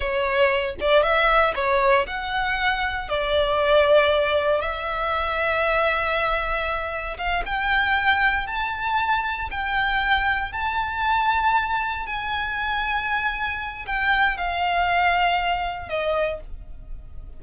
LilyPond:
\new Staff \with { instrumentName = "violin" } { \time 4/4 \tempo 4 = 117 cis''4. d''8 e''4 cis''4 | fis''2 d''2~ | d''4 e''2.~ | e''2 f''8 g''4.~ |
g''8 a''2 g''4.~ | g''8 a''2. gis''8~ | gis''2. g''4 | f''2. dis''4 | }